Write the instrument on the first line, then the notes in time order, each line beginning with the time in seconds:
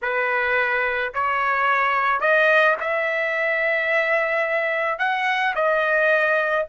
trumpet
0.02 B4
1.13 C#5
2.20 D#5
2.80 E5
4.98 F#5
5.55 D#5